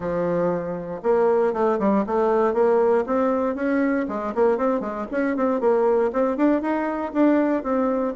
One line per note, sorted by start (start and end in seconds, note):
0.00 1.01 F3
1.02 1.53 A#3
1.53 1.78 A3
1.79 2.04 G3
2.06 2.53 A3
2.53 3.04 A#3
3.06 3.55 C4
3.55 4.06 C#4
4.08 4.33 G#3
4.34 4.57 A#3
4.57 4.80 C4
4.80 5.06 G#3
5.11 5.36 C#4
5.36 5.60 C4
5.60 6.11 A#3
6.12 6.36 C4
6.36 6.61 D4
6.61 7.12 D#4
7.13 7.63 D4
7.63 8.14 C4